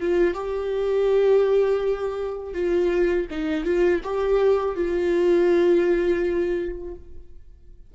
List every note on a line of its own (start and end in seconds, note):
0.00 0.34 F4
0.34 2.53 G4
2.53 3.27 F4
3.30 3.65 D#4
3.65 4.01 F4
4.03 4.75 G4
4.75 6.94 F4